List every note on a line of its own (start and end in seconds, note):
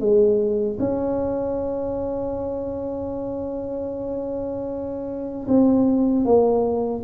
0.00 0.78 G#3
0.79 5.47 C#4
5.48 6.25 C4
6.25 7.03 A#3